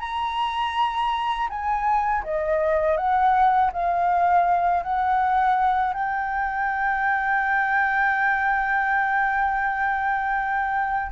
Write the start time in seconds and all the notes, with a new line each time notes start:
0.00 A#5
1.49 G#5
2.24 D#5
2.97 F#5
3.72 F5
4.83 F#5
5.93 G5